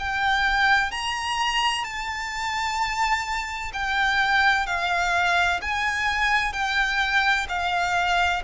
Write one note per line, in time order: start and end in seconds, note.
0.00 0.92 G5
0.92 1.85 A#5
1.85 3.72 A5
3.74 4.67 G5
4.67 5.61 F5
5.62 6.53 G#5
6.53 7.47 G5
7.49 8.43 F5